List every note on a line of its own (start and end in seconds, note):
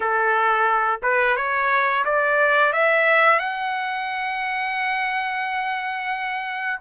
0.00 1.00 A4
1.02 1.36 B4
1.36 2.04 C#5
2.05 2.72 D5
2.72 3.39 E5
3.39 6.80 F#5